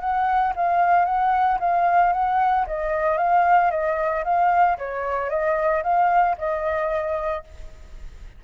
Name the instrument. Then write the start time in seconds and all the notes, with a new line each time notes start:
flute
0.00 F#5
0.56 F5
1.05 F#5
1.60 F5
2.13 F#5
2.66 D#5
3.17 F5
3.71 D#5
4.24 F5
4.78 C#5
5.30 D#5
5.83 F5
6.38 D#5